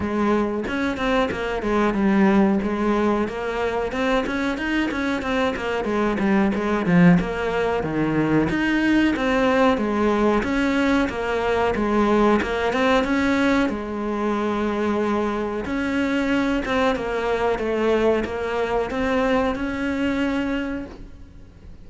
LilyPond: \new Staff \with { instrumentName = "cello" } { \time 4/4 \tempo 4 = 92 gis4 cis'8 c'8 ais8 gis8 g4 | gis4 ais4 c'8 cis'8 dis'8 cis'8 | c'8 ais8 gis8 g8 gis8 f8 ais4 | dis4 dis'4 c'4 gis4 |
cis'4 ais4 gis4 ais8 c'8 | cis'4 gis2. | cis'4. c'8 ais4 a4 | ais4 c'4 cis'2 | }